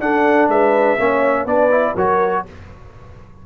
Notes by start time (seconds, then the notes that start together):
0.00 D4 A4 F#5
0.48 G#3 B4 E5
0.99 A#3 C#4 C#5
1.45 B3 D4 B4 D5
1.71 E4
1.95 F#3 F#4 A#4 C#5